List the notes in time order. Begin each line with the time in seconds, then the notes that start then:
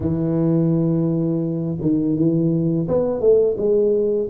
0.00 E3
1.81 D#3
2.16 E3
2.87 B3
3.20 A3
3.57 G#3